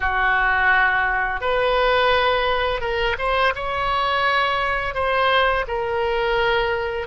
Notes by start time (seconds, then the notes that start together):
0.00 F#4
1.40 B4
2.80 A#4
3.18 C5
3.55 C#5
4.94 C5
5.67 A#4